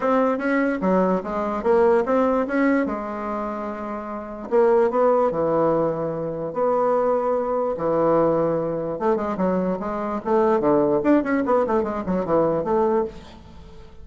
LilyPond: \new Staff \with { instrumentName = "bassoon" } { \time 4/4 \tempo 4 = 147 c'4 cis'4 fis4 gis4 | ais4 c'4 cis'4 gis4~ | gis2. ais4 | b4 e2. |
b2. e4~ | e2 a8 gis8 fis4 | gis4 a4 d4 d'8 cis'8 | b8 a8 gis8 fis8 e4 a4 | }